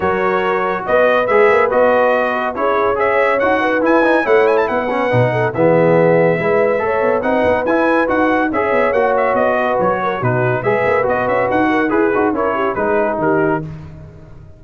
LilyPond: <<
  \new Staff \with { instrumentName = "trumpet" } { \time 4/4 \tempo 4 = 141 cis''2 dis''4 e''4 | dis''2 cis''4 e''4 | fis''4 gis''4 fis''8 gis''16 a''16 fis''4~ | fis''4 e''2.~ |
e''4 fis''4 gis''4 fis''4 | e''4 fis''8 e''8 dis''4 cis''4 | b'4 e''4 dis''8 e''8 fis''4 | b'4 cis''4 b'4 ais'4 | }
  \new Staff \with { instrumentName = "horn" } { \time 4/4 ais'2 b'2~ | b'2 gis'4 cis''4~ | cis''8 b'4. cis''4 b'4~ | b'8 a'8 gis'2 b'4 |
cis''4 b'2. | cis''2~ cis''8 b'4 ais'8 | fis'4 b'2~ b'8 ais'8 | gis'4 ais'8 g'8 gis'4 g'4 | }
  \new Staff \with { instrumentName = "trombone" } { \time 4/4 fis'2. gis'4 | fis'2 e'4 gis'4 | fis'4 e'8 dis'8 e'4. cis'8 | dis'4 b2 e'4 |
a'4 dis'4 e'4 fis'4 | gis'4 fis'2. | dis'4 gis'4 fis'2 | gis'8 fis'8 e'4 dis'2 | }
  \new Staff \with { instrumentName = "tuba" } { \time 4/4 fis2 b4 gis8 ais8 | b2 cis'2 | dis'4 e'4 a4 b4 | b,4 e2 gis4 |
a8 b8 c'8 b8 e'4 dis'4 | cis'8 b8 ais4 b4 fis4 | b,4 gis8 ais8 b8 cis'8 dis'4 | e'8 dis'8 cis'4 gis4 dis4 | }
>>